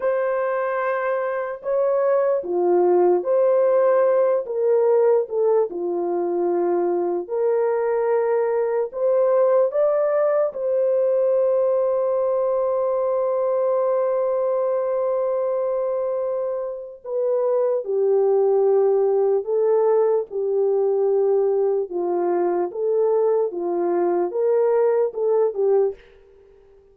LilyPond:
\new Staff \with { instrumentName = "horn" } { \time 4/4 \tempo 4 = 74 c''2 cis''4 f'4 | c''4. ais'4 a'8 f'4~ | f'4 ais'2 c''4 | d''4 c''2.~ |
c''1~ | c''4 b'4 g'2 | a'4 g'2 f'4 | a'4 f'4 ais'4 a'8 g'8 | }